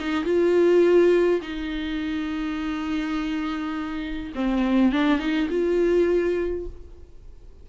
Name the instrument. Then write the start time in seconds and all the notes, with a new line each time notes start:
viola
0.00 D#4
0.25 F4
1.42 D#4
4.35 C4
4.93 D4
5.20 D#4
5.50 F4